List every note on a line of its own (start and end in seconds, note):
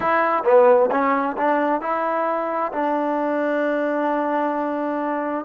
0.00 0.43 E4
0.44 0.90 B3
0.91 1.36 C#4
1.37 1.81 D4
1.81 2.71 E4
2.72 5.45 D4